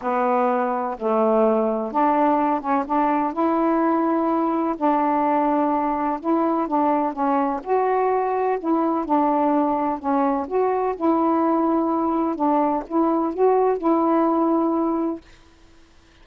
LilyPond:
\new Staff \with { instrumentName = "saxophone" } { \time 4/4 \tempo 4 = 126 b2 a2 | d'4. cis'8 d'4 e'4~ | e'2 d'2~ | d'4 e'4 d'4 cis'4 |
fis'2 e'4 d'4~ | d'4 cis'4 fis'4 e'4~ | e'2 d'4 e'4 | fis'4 e'2. | }